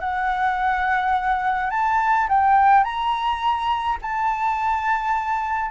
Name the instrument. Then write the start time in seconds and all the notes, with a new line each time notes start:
flute
0.00 F#5
1.70 A5
2.29 G5
2.84 A#5
4.02 A5